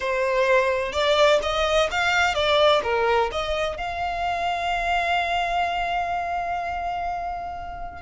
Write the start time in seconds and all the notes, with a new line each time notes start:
0.00 C5
0.92 D5
1.42 D#5
1.90 F5
2.34 D5
2.83 A#4
3.31 D#5
3.77 F5